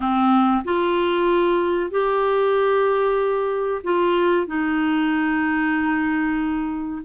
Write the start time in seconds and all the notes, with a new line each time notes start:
0.00 C4
0.64 F4
1.90 G4
3.83 F4
4.47 D#4